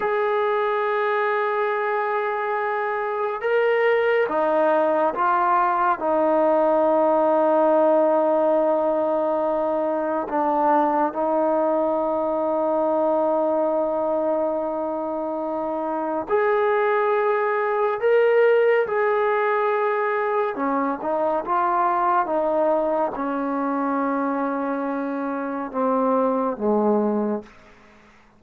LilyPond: \new Staff \with { instrumentName = "trombone" } { \time 4/4 \tempo 4 = 70 gis'1 | ais'4 dis'4 f'4 dis'4~ | dis'1 | d'4 dis'2.~ |
dis'2. gis'4~ | gis'4 ais'4 gis'2 | cis'8 dis'8 f'4 dis'4 cis'4~ | cis'2 c'4 gis4 | }